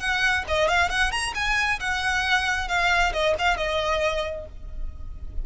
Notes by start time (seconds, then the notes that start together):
0.00 F#5
0.48 D#5
0.68 F5
0.89 F#5
1.11 A#5
1.35 G#5
1.80 F#5
2.68 F5
3.13 D#5
3.39 F5
3.57 D#5